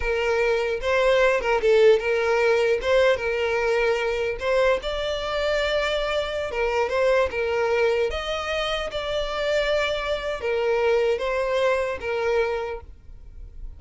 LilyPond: \new Staff \with { instrumentName = "violin" } { \time 4/4 \tempo 4 = 150 ais'2 c''4. ais'8 | a'4 ais'2 c''4 | ais'2. c''4 | d''1~ |
d''16 ais'4 c''4 ais'4.~ ais'16~ | ais'16 dis''2 d''4.~ d''16~ | d''2 ais'2 | c''2 ais'2 | }